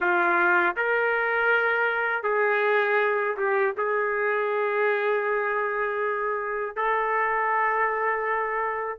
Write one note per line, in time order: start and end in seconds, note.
0.00 0.75 F4
0.76 2.23 A#4
2.23 3.35 G#4
3.36 3.74 G4
3.77 6.76 G#4
6.76 8.98 A4